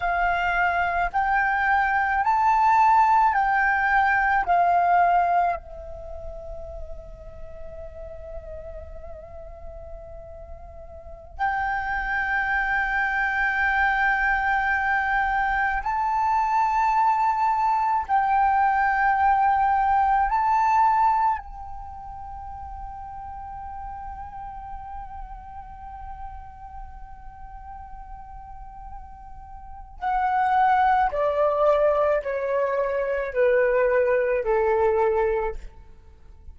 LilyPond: \new Staff \with { instrumentName = "flute" } { \time 4/4 \tempo 4 = 54 f''4 g''4 a''4 g''4 | f''4 e''2.~ | e''2~ e''16 g''4.~ g''16~ | g''2~ g''16 a''4.~ a''16~ |
a''16 g''2 a''4 g''8.~ | g''1~ | g''2. fis''4 | d''4 cis''4 b'4 a'4 | }